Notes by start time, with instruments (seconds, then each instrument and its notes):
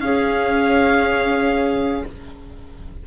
0.00 cello C#4, bassoon C#4, clarinet G#4, violin F5